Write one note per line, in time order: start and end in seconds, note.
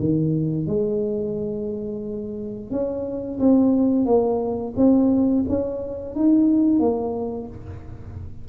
0.00 0.67 D#3
0.67 2.71 G#3
2.71 3.39 C#4
3.40 4.06 C4
4.06 4.74 A#3
4.77 5.45 C4
5.49 6.15 C#4
6.15 6.80 D#4
6.80 7.48 A#3